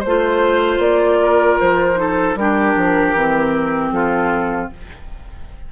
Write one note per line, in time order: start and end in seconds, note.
0.00 0.79 A3
0.00 1.17 C5
0.00 0.81 C5
0.08 1.96 F4
0.79 1.57 A#3
0.79 1.59 D5
1.23 2.00 A#4
1.60 2.36 F3
1.60 2.37 C5
1.96 2.35 D#4
1.96 2.39 A4
2.36 2.75 G3
2.36 3.17 D4
2.36 3.94 G4
2.36 3.92 A#4
2.76 3.14 F3
3.14 3.92 E3
3.14 4.73 C4
3.92 4.70 F3
3.92 4.72 F4
3.92 4.70 A4